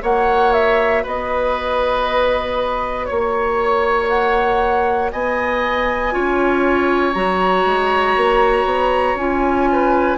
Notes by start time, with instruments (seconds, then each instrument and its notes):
0.00 bassoon A#3, clarinet F#4, oboe C#5, flute F#5
0.53 flute E5
1.03 bassoon B3, oboe B4, flute D#5
3.05 bassoon A#3, flute C#5, oboe C#5
4.09 flute F#5
5.12 bassoon B3, oboe D#5, flute G#5
6.11 bassoon C#4, clarinet F4, oboe C#5
7.13 bassoon F#3, clarinet F#4, flute A#5
7.65 bassoon G#3
8.16 bassoon A#3
8.65 bassoon B3
9.15 bassoon C#4, clarinet F4, flute G#5
9.72 oboe B4